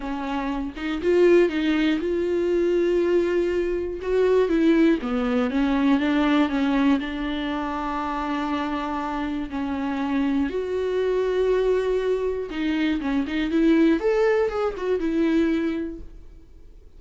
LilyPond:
\new Staff \with { instrumentName = "viola" } { \time 4/4 \tempo 4 = 120 cis'4. dis'8 f'4 dis'4 | f'1 | fis'4 e'4 b4 cis'4 | d'4 cis'4 d'2~ |
d'2. cis'4~ | cis'4 fis'2.~ | fis'4 dis'4 cis'8 dis'8 e'4 | a'4 gis'8 fis'8 e'2 | }